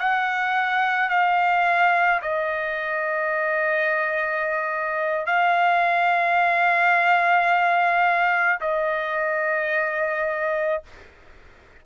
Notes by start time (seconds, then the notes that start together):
0.00 F#5
1.10 F5
2.22 D#5
5.27 F5
8.61 D#5